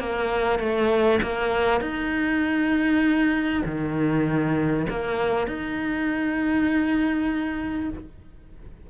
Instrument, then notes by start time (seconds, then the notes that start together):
cello
0.00 A#3
0.59 A3
1.23 A#3
1.81 D#4
3.65 D#3
4.90 A#3
5.47 D#4